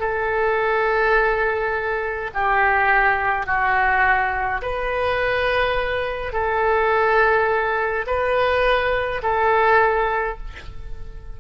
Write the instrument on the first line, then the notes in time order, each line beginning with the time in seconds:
oboe
0.00 A4
2.34 G4
3.46 F#4
4.62 B4
6.33 A4
8.07 B4
9.23 A4